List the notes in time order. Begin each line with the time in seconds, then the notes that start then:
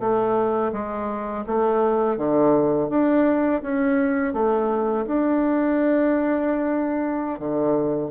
0.00 A3
0.73 G#3
1.47 A3
2.18 D3
2.90 D4
3.63 C#4
4.34 A3
5.07 D4
7.40 D3